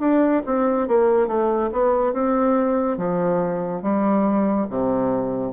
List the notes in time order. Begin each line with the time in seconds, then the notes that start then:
0.00 D4
0.46 C4
0.88 A#3
1.27 A3
1.72 B3
2.13 C4
2.97 F3
3.82 G3
4.69 C3